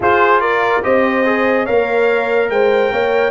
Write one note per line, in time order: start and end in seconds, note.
0.00 0.80 F4
0.00 0.82 F4
0.00 0.40 G#4
0.00 0.40 C5
0.40 0.82 A#4
0.40 0.82 D5
0.82 1.68 C4
0.82 1.24 G4
0.82 1.64 C5
0.82 1.65 D#5
1.25 1.66 G#4
1.64 2.49 A#3
1.64 3.31 A#4
1.64 2.47 C#5
1.64 2.49 F5
2.49 2.91 G#3
2.49 2.92 C5
2.49 3.31 G5
2.91 3.31 A#3
2.91 3.31 C#5